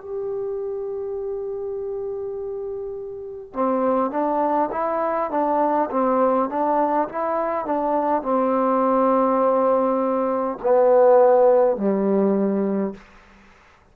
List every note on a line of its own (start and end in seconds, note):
0.00 3.53 G4
3.53 4.10 C4
4.10 4.69 D4
4.71 5.30 E4
5.30 5.89 D4
5.90 6.49 C4
6.49 7.08 D4
7.08 7.65 E4
7.65 8.22 D4
8.22 10.57 C4
10.62 11.76 B3
11.76 12.94 G3